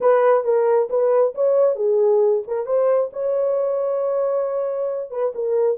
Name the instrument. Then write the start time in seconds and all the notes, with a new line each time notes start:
horn
0.00 B4
0.44 A#4
0.89 B4
1.34 C#5
1.75 G#4
2.47 A#4
2.65 C5
3.13 C#5
5.10 B4
5.34 A#4